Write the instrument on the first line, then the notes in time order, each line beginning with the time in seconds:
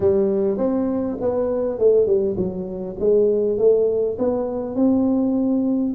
tuba
0.00 G3
0.57 C4
1.20 B3
1.78 A3
2.06 G3
2.36 F#3
2.99 G#3
3.58 A3
4.18 B3
4.75 C4